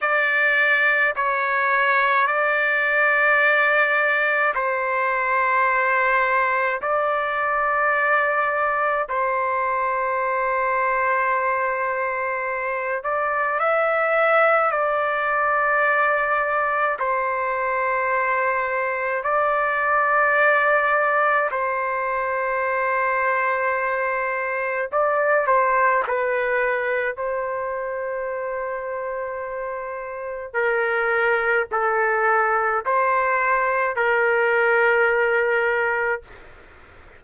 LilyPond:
\new Staff \with { instrumentName = "trumpet" } { \time 4/4 \tempo 4 = 53 d''4 cis''4 d''2 | c''2 d''2 | c''2.~ c''8 d''8 | e''4 d''2 c''4~ |
c''4 d''2 c''4~ | c''2 d''8 c''8 b'4 | c''2. ais'4 | a'4 c''4 ais'2 | }